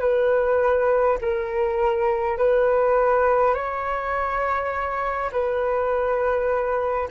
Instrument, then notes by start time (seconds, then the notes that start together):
flute
0.00 B4
1.21 A#4
2.37 B4
3.55 C#5
5.32 B4